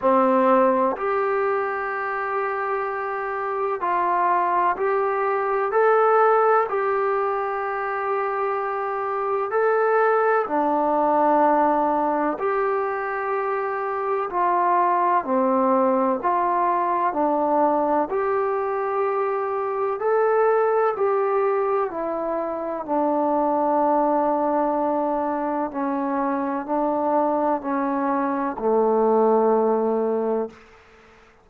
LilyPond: \new Staff \with { instrumentName = "trombone" } { \time 4/4 \tempo 4 = 63 c'4 g'2. | f'4 g'4 a'4 g'4~ | g'2 a'4 d'4~ | d'4 g'2 f'4 |
c'4 f'4 d'4 g'4~ | g'4 a'4 g'4 e'4 | d'2. cis'4 | d'4 cis'4 a2 | }